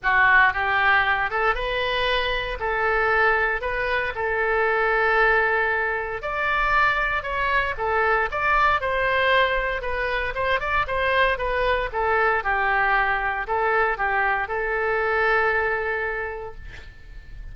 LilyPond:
\new Staff \with { instrumentName = "oboe" } { \time 4/4 \tempo 4 = 116 fis'4 g'4. a'8 b'4~ | b'4 a'2 b'4 | a'1 | d''2 cis''4 a'4 |
d''4 c''2 b'4 | c''8 d''8 c''4 b'4 a'4 | g'2 a'4 g'4 | a'1 | }